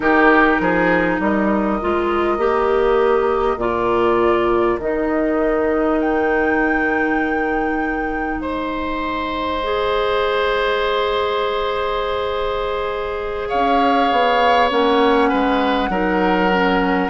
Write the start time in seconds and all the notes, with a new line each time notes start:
0.00 D#3 D#4 G4 A#4
0.59 F3 G#4
1.19 G3 A#4 D#5
1.80 G#3 F4
2.38 A#3 G4
3.56 A#2 F4 D5
4.78 D#3 D#4 D#5
6.00 G5
8.36 G#3 C5 D#5
9.62 G#4
13.48 C#4 C#5 F5
14.11 B3
14.70 A#3 C#4 F#5
15.28 G#3 B4
15.89 F#3 D#4 A#4
16.52 C#4